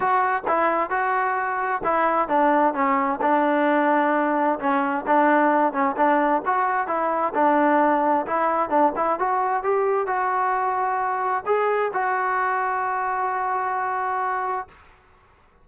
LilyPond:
\new Staff \with { instrumentName = "trombone" } { \time 4/4 \tempo 4 = 131 fis'4 e'4 fis'2 | e'4 d'4 cis'4 d'4~ | d'2 cis'4 d'4~ | d'8 cis'8 d'4 fis'4 e'4 |
d'2 e'4 d'8 e'8 | fis'4 g'4 fis'2~ | fis'4 gis'4 fis'2~ | fis'1 | }